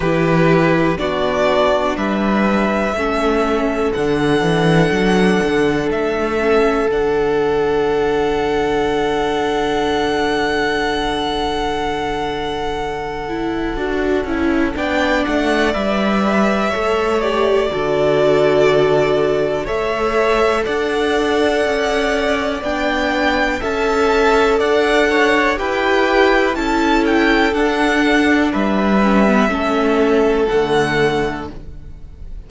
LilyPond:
<<
  \new Staff \with { instrumentName = "violin" } { \time 4/4 \tempo 4 = 61 b'4 d''4 e''2 | fis''2 e''4 fis''4~ | fis''1~ | fis''2. g''8 fis''8 |
e''4. d''2~ d''8 | e''4 fis''2 g''4 | a''4 fis''4 g''4 a''8 g''8 | fis''4 e''2 fis''4 | }
  \new Staff \with { instrumentName = "violin" } { \time 4/4 g'4 fis'4 b'4 a'4~ | a'1~ | a'1~ | a'2. d''4~ |
d''4 cis''4 a'2 | cis''4 d''2. | e''4 d''8 cis''8 b'4 a'4~ | a'4 b'4 a'2 | }
  \new Staff \with { instrumentName = "viola" } { \time 4/4 e'4 d'2 cis'4 | d'2~ d'8 cis'8 d'4~ | d'1~ | d'4. e'8 fis'8 e'8 d'4 |
b'4 a'8 g'8 fis'2 | a'2. d'4 | a'2 g'4 e'4 | d'4. cis'16 b16 cis'4 a4 | }
  \new Staff \with { instrumentName = "cello" } { \time 4/4 e4 b4 g4 a4 | d8 e8 fis8 d8 a4 d4~ | d1~ | d2 d'8 cis'8 b8 a8 |
g4 a4 d2 | a4 d'4 cis'4 b4 | cis'4 d'4 e'4 cis'4 | d'4 g4 a4 d4 | }
>>